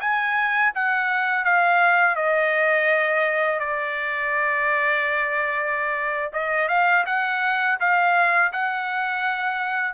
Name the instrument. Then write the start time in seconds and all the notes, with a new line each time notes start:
trumpet
0.00 G#5
0.74 F#5
1.44 F5
2.15 D#5
3.59 D5
6.32 D#5
6.68 F5
7.06 F#5
7.80 F5
8.52 F#5